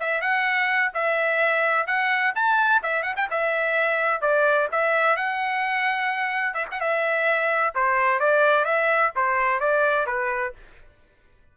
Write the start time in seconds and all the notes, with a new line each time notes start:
0.00 E5
0.21 F#5
0.94 E5
1.87 F#5
2.35 A5
2.83 E5
3.03 F#5
3.17 G5
3.30 E5
4.21 D5
4.72 E5
5.16 F#5
6.54 E5
6.71 F#5
6.81 E5
7.75 C5
8.20 D5
8.65 E5
9.16 C5
9.60 D5
10.07 B4